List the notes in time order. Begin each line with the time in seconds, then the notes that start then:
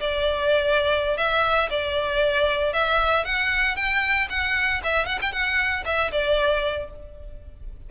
0.00 D5
1.17 E5
1.70 D5
2.73 E5
3.25 F#5
3.76 G5
4.29 F#5
4.83 E5
5.06 F#5
5.22 G5
5.32 F#5
5.85 E5
6.11 D5